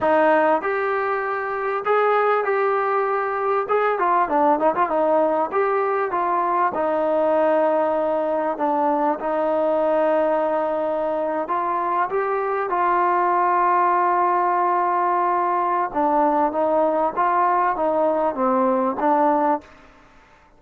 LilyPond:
\new Staff \with { instrumentName = "trombone" } { \time 4/4 \tempo 4 = 98 dis'4 g'2 gis'4 | g'2 gis'8 f'8 d'8 dis'16 f'16 | dis'4 g'4 f'4 dis'4~ | dis'2 d'4 dis'4~ |
dis'2~ dis'8. f'4 g'16~ | g'8. f'2.~ f'16~ | f'2 d'4 dis'4 | f'4 dis'4 c'4 d'4 | }